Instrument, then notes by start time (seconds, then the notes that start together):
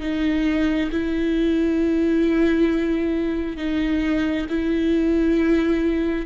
viola
0.00 D#4
0.91 E4
3.56 D#4
4.49 E4